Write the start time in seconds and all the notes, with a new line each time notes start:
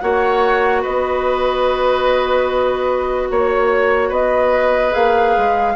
0.00 A#3 F#4 C#5 F#5
0.83 B3 B4 D#5
3.31 A#3 C#5
4.09 B3 B4 D#5
4.92 A#3 G#4 F5
5.38 G#3